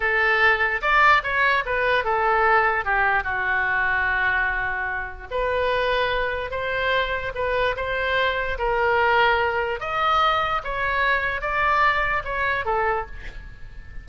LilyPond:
\new Staff \with { instrumentName = "oboe" } { \time 4/4 \tempo 4 = 147 a'2 d''4 cis''4 | b'4 a'2 g'4 | fis'1~ | fis'4 b'2. |
c''2 b'4 c''4~ | c''4 ais'2. | dis''2 cis''2 | d''2 cis''4 a'4 | }